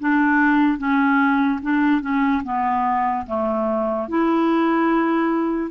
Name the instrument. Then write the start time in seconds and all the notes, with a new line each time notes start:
clarinet
0.00 D4
0.78 C#4
1.62 D4
2.01 C#4
2.44 B3
3.27 A3
4.08 E4